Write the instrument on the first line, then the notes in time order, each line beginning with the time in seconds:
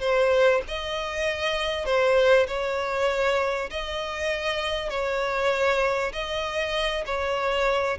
violin
0.00 C5
0.67 D#5
1.85 C5
2.47 C#5
3.70 D#5
4.90 C#5
6.12 D#5
7.06 C#5